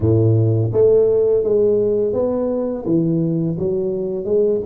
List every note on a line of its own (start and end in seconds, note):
0.00 0.71 A2
0.72 1.43 A3
1.43 2.13 G#3
2.13 2.84 B3
2.85 3.56 E3
3.58 4.25 F#3
4.25 4.60 G#3